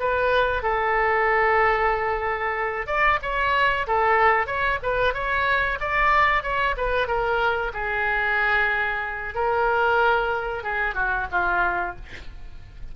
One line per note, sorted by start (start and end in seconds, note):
0.00 0.62 B4
0.62 2.87 A4
2.87 3.19 D5
3.22 3.87 C#5
3.87 4.46 A4
4.46 4.79 C#5
4.83 5.14 B4
5.14 5.78 C#5
5.80 6.43 D5
6.43 6.75 C#5
6.77 7.07 B4
7.07 7.72 A#4
7.73 9.35 G#4
9.35 10.63 A#4
10.63 10.94 G#4
10.94 11.27 F#4
11.31 11.96 F4